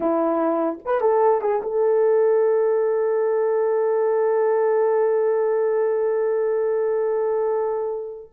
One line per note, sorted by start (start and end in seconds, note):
0.00 0.78 E4
0.85 1.00 B4
1.00 1.41 A4
1.41 1.61 G#4
1.62 8.31 A4